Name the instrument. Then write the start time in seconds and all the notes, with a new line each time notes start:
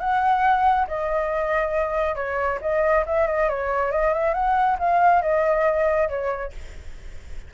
flute
0.00 F#5
0.88 D#5
2.16 C#5
2.61 D#5
3.06 E5
3.27 D#5
3.49 C#5
3.92 D#5
4.14 E5
4.34 F#5
4.79 F5
5.22 D#5
6.09 C#5